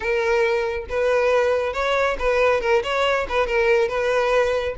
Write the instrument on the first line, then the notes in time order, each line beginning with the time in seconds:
violin
0.00 A#4
0.89 B4
1.73 C#5
2.19 B4
2.60 A#4
2.83 C#5
3.28 B4
3.46 A#4
3.88 B4